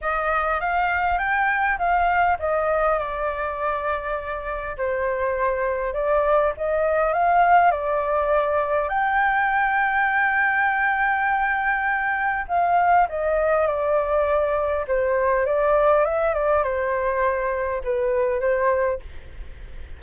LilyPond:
\new Staff \with { instrumentName = "flute" } { \time 4/4 \tempo 4 = 101 dis''4 f''4 g''4 f''4 | dis''4 d''2. | c''2 d''4 dis''4 | f''4 d''2 g''4~ |
g''1~ | g''4 f''4 dis''4 d''4~ | d''4 c''4 d''4 e''8 d''8 | c''2 b'4 c''4 | }